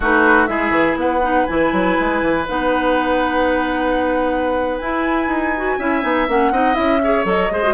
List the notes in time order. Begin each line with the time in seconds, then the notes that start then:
0.00 A3 D#4 F#4 B4
0.46 G#3 E4 G#4 E5
0.70 E3
0.95 B3 B4 F#5
1.22 D#4
1.46 E3 E4 G#5
1.72 F#3
1.99 G#3
2.21 E3
2.47 B3 D#4 F#5
4.78 E4 G#5
5.27 D#4
5.56 F#4
5.78 C#4 E4 E5
6.02 B3 D#4
6.27 A#3 C#4 F#5
6.51 C4 D#4 D#5
6.73 C#4 E4 E5
7.03 G#4 C#5
7.24 F#3 A4 D#5
7.50 G#3 G#4 C5
7.63 F#4